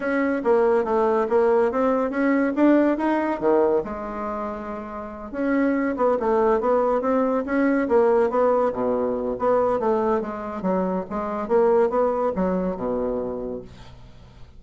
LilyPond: \new Staff \with { instrumentName = "bassoon" } { \time 4/4 \tempo 4 = 141 cis'4 ais4 a4 ais4 | c'4 cis'4 d'4 dis'4 | dis4 gis2.~ | gis8 cis'4. b8 a4 b8~ |
b8 c'4 cis'4 ais4 b8~ | b8 b,4. b4 a4 | gis4 fis4 gis4 ais4 | b4 fis4 b,2 | }